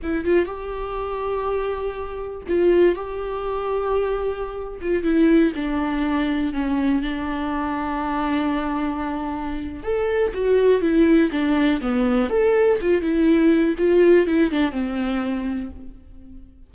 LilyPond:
\new Staff \with { instrumentName = "viola" } { \time 4/4 \tempo 4 = 122 e'8 f'8 g'2.~ | g'4 f'4 g'2~ | g'4.~ g'16 f'8 e'4 d'8.~ | d'4~ d'16 cis'4 d'4.~ d'16~ |
d'1 | a'4 fis'4 e'4 d'4 | b4 a'4 f'8 e'4. | f'4 e'8 d'8 c'2 | }